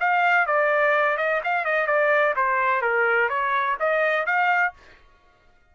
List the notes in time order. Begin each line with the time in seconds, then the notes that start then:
0.00 F5
0.46 D5
1.17 D#5
1.44 F5
1.65 D#5
1.87 D5
2.36 C5
2.81 A#4
3.29 C#5
3.80 D#5
4.26 F5